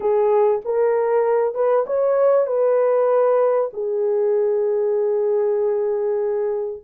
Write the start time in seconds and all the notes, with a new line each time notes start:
0.00 G#4
0.64 A#4
1.54 B4
1.86 C#5
2.46 B4
3.73 G#4